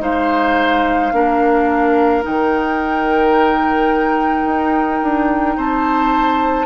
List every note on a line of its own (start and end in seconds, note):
0.00 1.12 G#3
0.00 1.11 D#4
0.00 1.12 C5
0.00 2.24 F5
1.12 2.23 A#3
1.12 2.22 D4
1.12 5.56 A#4
2.22 4.45 D#3
2.22 6.66 D#4
2.22 5.58 G5
4.45 5.00 D#4
5.02 5.57 D4
5.56 6.66 C4
5.56 6.66 C5
5.56 6.66 A5